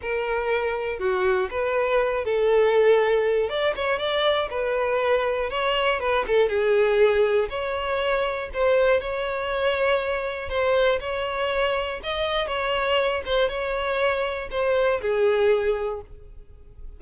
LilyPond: \new Staff \with { instrumentName = "violin" } { \time 4/4 \tempo 4 = 120 ais'2 fis'4 b'4~ | b'8 a'2~ a'8 d''8 cis''8 | d''4 b'2 cis''4 | b'8 a'8 gis'2 cis''4~ |
cis''4 c''4 cis''2~ | cis''4 c''4 cis''2 | dis''4 cis''4. c''8 cis''4~ | cis''4 c''4 gis'2 | }